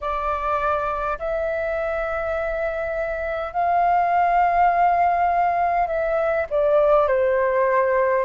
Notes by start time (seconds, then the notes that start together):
0.00 D5
1.18 E5
3.52 F5
5.87 E5
6.50 D5
7.07 C5